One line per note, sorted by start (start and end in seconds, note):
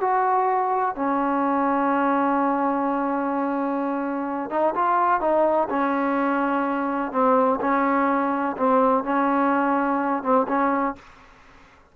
0.00 0.95 F#4
0.95 4.50 C#4
4.50 4.74 D#4
4.75 5.20 F4
5.20 5.68 D#4
5.69 7.11 C#4
7.11 7.59 C4
7.60 8.56 C#4
8.56 9.03 C4
9.03 10.23 C#4
10.23 10.47 C4
10.47 10.95 C#4